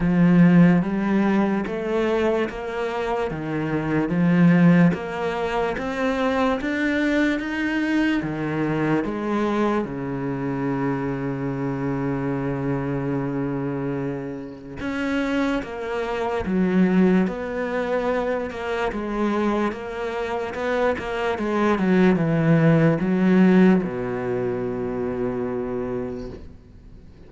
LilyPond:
\new Staff \with { instrumentName = "cello" } { \time 4/4 \tempo 4 = 73 f4 g4 a4 ais4 | dis4 f4 ais4 c'4 | d'4 dis'4 dis4 gis4 | cis1~ |
cis2 cis'4 ais4 | fis4 b4. ais8 gis4 | ais4 b8 ais8 gis8 fis8 e4 | fis4 b,2. | }